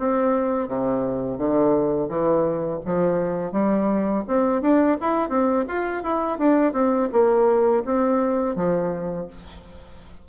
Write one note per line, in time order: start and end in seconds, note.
0.00 0.69 C4
0.69 1.38 C3
1.38 2.09 D3
2.09 2.81 E3
2.85 3.53 F3
3.53 4.24 G3
4.28 4.62 C4
4.62 4.98 D4
5.01 5.30 E4
5.30 5.65 C4
5.69 6.04 F4
6.04 6.39 E4
6.39 6.73 D4
6.73 7.09 C4
7.13 7.84 A#3
7.85 8.56 C4
8.56 9.28 F3